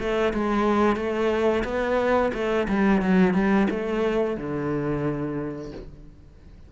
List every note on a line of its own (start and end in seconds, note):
0.00 0.34 A3
0.34 0.97 G#3
0.97 1.64 A3
1.65 2.32 B3
2.34 2.68 A3
2.69 3.02 G3
3.02 3.34 F#3
3.34 3.68 G3
3.71 4.37 A3
4.37 5.72 D3